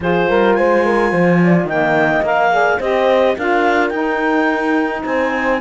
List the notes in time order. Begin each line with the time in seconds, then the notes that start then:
0.00 F3 F4 G#4 C5
0.29 G3 A#4
0.54 G#3 C5 G#5
0.85 A#4
1.11 F3 C5
1.43 D5
1.64 D#3 A#3 D#5 G5
2.22 A#3 A#4 F5
2.51 G#4 D5
2.78 C4 G4 C5 D#5
3.36 D4 F4 A#4 F5
3.89 D#4 G5
5.04 C4 C5 G#5